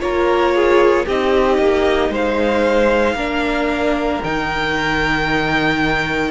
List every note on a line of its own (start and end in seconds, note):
0.00 1.06 A#3
0.00 1.05 F4
0.00 0.55 A#4
0.00 1.05 C#5
0.55 1.06 G#4
1.06 1.58 C4
1.06 3.17 D#4
1.06 2.11 G4
1.06 2.13 D#5
1.58 2.09 A#3
2.09 3.14 G#3
2.09 3.15 C5
2.09 4.23 F5
3.14 4.19 A#3
3.14 4.22 D4
3.14 6.31 A#4
4.23 6.31 D#3
4.23 6.31 D#4
4.23 6.31 G5